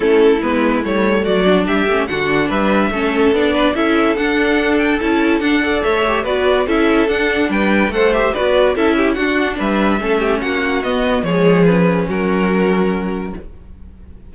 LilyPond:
<<
  \new Staff \with { instrumentName = "violin" } { \time 4/4 \tempo 4 = 144 a'4 b'4 cis''4 d''4 | e''4 fis''4 e''2 | d''4 e''4 fis''4. g''8 | a''4 fis''4 e''4 d''4 |
e''4 fis''4 g''4 fis''8 e''8 | d''4 e''4 fis''4 e''4~ | e''4 fis''4 dis''4 cis''4 | b'4 ais'2. | }
  \new Staff \with { instrumentName = "violin" } { \time 4/4 e'2. fis'4 | g'4 fis'4 b'4 a'4~ | a'8 b'8 a'2.~ | a'4. d''8 cis''4 b'4 |
a'2 b'4 c''4 | b'4 a'8 g'8 fis'4 b'4 | a'8 g'8 fis'2 gis'4~ | gis'4 fis'2. | }
  \new Staff \with { instrumentName = "viola" } { \time 4/4 cis'4 b4 a4. d'8~ | d'8 cis'8 d'2 cis'4 | d'4 e'4 d'2 | e'4 d'8 a'4 g'8 fis'4 |
e'4 d'2 a'8 g'8 | fis'4 e'4 d'2 | cis'2 b4 gis4 | cis'1 | }
  \new Staff \with { instrumentName = "cello" } { \time 4/4 a4 gis4 g4 fis4 | g8 a8 d4 g4 a4 | b4 cis'4 d'2 | cis'4 d'4 a4 b4 |
cis'4 d'4 g4 a4 | b4 cis'4 d'4 g4 | a4 ais4 b4 f4~ | f4 fis2. | }
>>